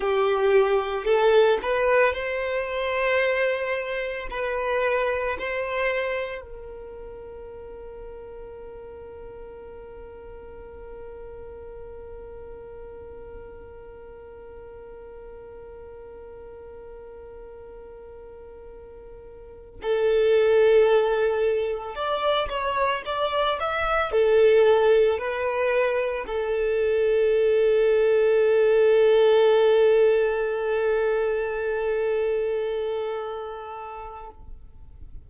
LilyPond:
\new Staff \with { instrumentName = "violin" } { \time 4/4 \tempo 4 = 56 g'4 a'8 b'8 c''2 | b'4 c''4 ais'2~ | ais'1~ | ais'1~ |
ais'2~ ais'8 a'4.~ | a'8 d''8 cis''8 d''8 e''8 a'4 b'8~ | b'8 a'2.~ a'8~ | a'1 | }